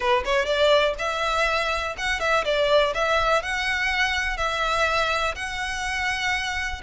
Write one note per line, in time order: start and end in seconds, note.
0.00 0.24 B4
0.24 0.45 C#5
0.45 0.94 D5
0.98 1.96 E5
1.97 2.20 F#5
2.20 2.44 E5
2.45 2.93 D5
2.94 3.42 E5
3.42 4.37 F#5
4.37 5.34 E5
5.35 6.81 F#5